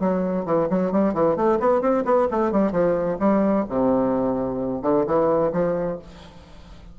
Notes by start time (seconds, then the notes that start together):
0.00 F#3
0.46 E3
0.70 F#3
0.92 G3
1.14 E3
1.36 A3
1.60 B3
1.81 C4
2.05 B3
2.31 A3
2.52 G3
2.72 F3
3.20 G3
3.69 C3
4.82 D3
5.07 E3
5.53 F3